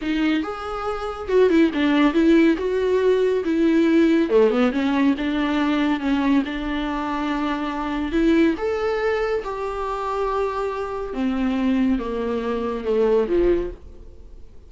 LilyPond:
\new Staff \with { instrumentName = "viola" } { \time 4/4 \tempo 4 = 140 dis'4 gis'2 fis'8 e'8 | d'4 e'4 fis'2 | e'2 a8 b8 cis'4 | d'2 cis'4 d'4~ |
d'2. e'4 | a'2 g'2~ | g'2 c'2 | ais2 a4 f4 | }